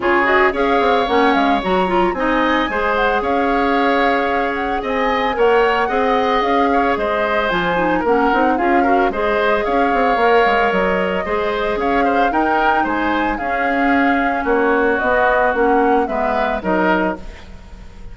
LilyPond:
<<
  \new Staff \with { instrumentName = "flute" } { \time 4/4 \tempo 4 = 112 cis''8 dis''8 f''4 fis''8 f''8 ais''4 | gis''4. fis''8 f''2~ | f''8 fis''8 gis''4 fis''2 | f''4 dis''4 gis''4 fis''4 |
f''4 dis''4 f''2 | dis''2 f''4 g''4 | gis''4 f''2 cis''4 | dis''4 fis''4 e''4 dis''4 | }
  \new Staff \with { instrumentName = "oboe" } { \time 4/4 gis'4 cis''2. | dis''4 c''4 cis''2~ | cis''4 dis''4 cis''4 dis''4~ | dis''8 cis''8 c''2 ais'4 |
gis'8 ais'8 c''4 cis''2~ | cis''4 c''4 cis''8 c''8 ais'4 | c''4 gis'2 fis'4~ | fis'2 b'4 ais'4 | }
  \new Staff \with { instrumentName = "clarinet" } { \time 4/4 f'8 fis'8 gis'4 cis'4 fis'8 f'8 | dis'4 gis'2.~ | gis'2 ais'4 gis'4~ | gis'2 f'8 dis'8 cis'8 dis'8 |
f'8 fis'8 gis'2 ais'4~ | ais'4 gis'2 dis'4~ | dis'4 cis'2. | b4 cis'4 b4 dis'4 | }
  \new Staff \with { instrumentName = "bassoon" } { \time 4/4 cis4 cis'8 c'8 ais8 gis8 fis4 | c'4 gis4 cis'2~ | cis'4 c'4 ais4 c'4 | cis'4 gis4 f4 ais8 c'8 |
cis'4 gis4 cis'8 c'8 ais8 gis8 | fis4 gis4 cis'4 dis'4 | gis4 cis'2 ais4 | b4 ais4 gis4 fis4 | }
>>